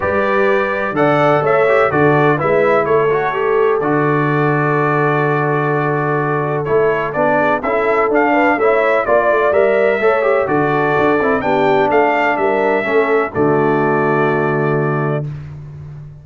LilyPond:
<<
  \new Staff \with { instrumentName = "trumpet" } { \time 4/4 \tempo 4 = 126 d''2 fis''4 e''4 | d''4 e''4 cis''2 | d''1~ | d''2 cis''4 d''4 |
e''4 f''4 e''4 d''4 | e''2 d''2 | g''4 f''4 e''2 | d''1 | }
  \new Staff \with { instrumentName = "horn" } { \time 4/4 b'2 d''4 cis''4 | a'4 b'4 a'2~ | a'1~ | a'2.~ a'8 gis'8 |
a'4. b'8 cis''4 d''4~ | d''4 cis''4 a'2 | g'4 a'4 ais'4 a'4 | fis'1 | }
  \new Staff \with { instrumentName = "trombone" } { \time 4/4 g'2 a'4. g'8 | fis'4 e'4. fis'8 g'4 | fis'1~ | fis'2 e'4 d'4 |
e'4 d'4 e'4 f'4 | ais'4 a'8 g'8 fis'4. e'8 | d'2. cis'4 | a1 | }
  \new Staff \with { instrumentName = "tuba" } { \time 4/4 g2 d4 a4 | d4 gis4 a2 | d1~ | d2 a4 b4 |
cis'4 d'4 a4 ais8 a8 | g4 a4 d4 d'8 c'8 | b4 a4 g4 a4 | d1 | }
>>